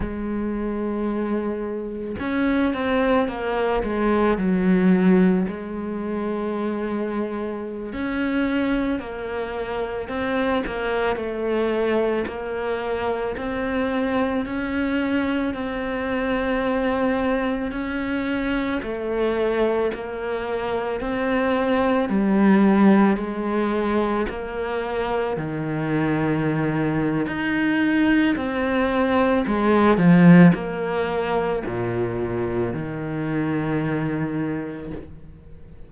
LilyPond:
\new Staff \with { instrumentName = "cello" } { \time 4/4 \tempo 4 = 55 gis2 cis'8 c'8 ais8 gis8 | fis4 gis2~ gis16 cis'8.~ | cis'16 ais4 c'8 ais8 a4 ais8.~ | ais16 c'4 cis'4 c'4.~ c'16~ |
c'16 cis'4 a4 ais4 c'8.~ | c'16 g4 gis4 ais4 dis8.~ | dis4 dis'4 c'4 gis8 f8 | ais4 ais,4 dis2 | }